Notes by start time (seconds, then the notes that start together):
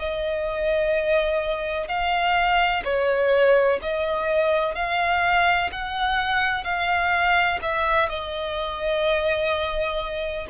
0.00 D#5
1.88 F5
2.85 C#5
3.82 D#5
4.75 F5
5.73 F#5
6.64 F5
7.62 E5
8.10 D#5